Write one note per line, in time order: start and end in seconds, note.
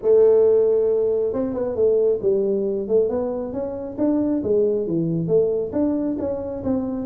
0.02 1.33 A3
1.33 1.53 C4
1.53 1.75 B3
1.75 2.19 A3
2.21 2.88 G3
2.88 3.09 A3
3.09 3.52 B3
3.52 3.96 C#4
3.98 4.42 D4
4.43 4.86 G#3
4.86 5.27 E3
5.27 5.71 A3
5.72 6.16 D4
6.19 6.63 C#4
6.63 7.06 C4